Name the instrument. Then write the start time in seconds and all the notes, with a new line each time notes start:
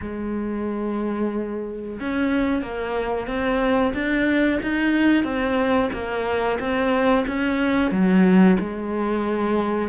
cello
0.01 G#3
1.99 C#4
2.61 A#3
3.27 C4
3.94 D4
4.62 D#4
5.24 C4
5.92 A#3
6.59 C4
7.27 C#4
7.91 F#3
8.59 G#3